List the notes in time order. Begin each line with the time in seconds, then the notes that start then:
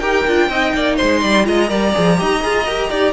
0.00 D#4 G4 A#4 G5
0.27 D4 F4
0.50 C4 D#4 D#5
0.75 A#3 D5
0.97 G#3 C5 C6
1.22 G3 D5
1.45 G#3 F4 D#5 A#5
1.69 G3 A#4 D5
1.94 F3 G#4
2.17 D#4 G4 D#5
2.42 F4 G#4
2.67 G4 A#4
2.90 D#4 G4 D5